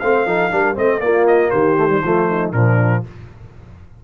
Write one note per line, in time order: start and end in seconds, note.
0.00 0.26 A3
0.00 0.26 C4
0.00 0.27 C5
0.00 0.76 F5
0.26 0.51 F3
0.26 0.51 D#4
0.26 0.52 A4
0.51 0.77 G3
0.51 0.75 D4
0.51 0.75 A#4
0.75 1.00 A3
0.75 1.01 C4
0.75 1.00 C5
0.75 1.00 D#5
1.00 1.50 A#3
1.00 1.77 A#3
1.00 1.51 F4
1.00 1.26 D5
1.27 1.50 D#5
1.50 2.03 D#3
1.50 2.02 G4
1.50 2.51 C5
1.77 1.88 A3
1.88 2.01 G3
2.03 2.53 F3
2.03 2.54 A3
2.03 2.28 F4
2.30 2.53 D#4
2.53 3.03 A#2
2.53 3.04 F3
2.53 3.03 D4
2.53 3.03 A#4